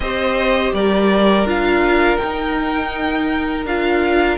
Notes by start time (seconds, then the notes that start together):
0.00 C4 G4 C5 D#5
0.73 G3 A#4 D5
1.44 D4 F4 F5
2.17 D#4 G5
3.65 D4 F4 F5